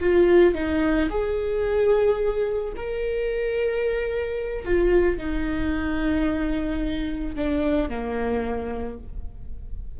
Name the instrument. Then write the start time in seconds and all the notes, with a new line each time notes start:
viola
0.00 F4
0.54 D#4
1.10 G#4
2.76 A#4
4.65 F4
5.18 D#4
7.36 D4
7.89 A#3